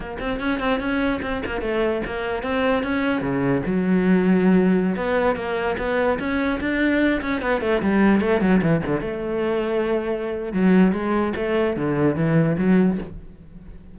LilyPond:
\new Staff \with { instrumentName = "cello" } { \time 4/4 \tempo 4 = 148 ais8 c'8 cis'8 c'8 cis'4 c'8 ais8 | a4 ais4 c'4 cis'4 | cis4 fis2.~ | fis16 b4 ais4 b4 cis'8.~ |
cis'16 d'4. cis'8 b8 a8 g8.~ | g16 a8 fis8 e8 d8 a4.~ a16~ | a2 fis4 gis4 | a4 d4 e4 fis4 | }